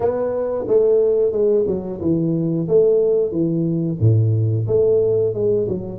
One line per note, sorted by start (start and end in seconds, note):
0.00 0.65 B3
0.67 1.32 A3
1.32 1.65 G#3
1.67 2.00 F#3
2.00 2.67 E3
2.68 3.31 A3
3.31 3.98 E3
4.00 4.66 A2
4.67 5.33 A3
5.33 5.67 G#3
5.68 5.98 F#3